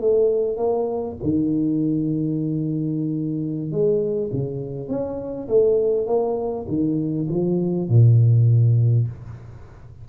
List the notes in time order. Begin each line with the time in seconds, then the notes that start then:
0.00 A3
0.57 A#3
1.23 D#3
3.71 G#3
4.32 C#3
4.88 C#4
5.48 A3
6.06 A#3
6.68 D#3
7.29 F3
7.88 A#2